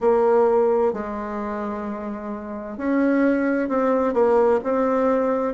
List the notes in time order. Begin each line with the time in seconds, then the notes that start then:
0.00 A#3
0.93 G#3
2.77 C#4
3.68 C4
4.13 A#3
4.63 C4